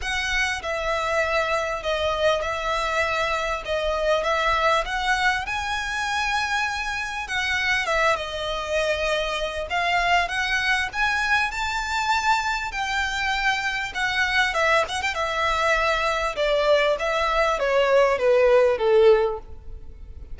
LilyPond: \new Staff \with { instrumentName = "violin" } { \time 4/4 \tempo 4 = 99 fis''4 e''2 dis''4 | e''2 dis''4 e''4 | fis''4 gis''2. | fis''4 e''8 dis''2~ dis''8 |
f''4 fis''4 gis''4 a''4~ | a''4 g''2 fis''4 | e''8 fis''16 g''16 e''2 d''4 | e''4 cis''4 b'4 a'4 | }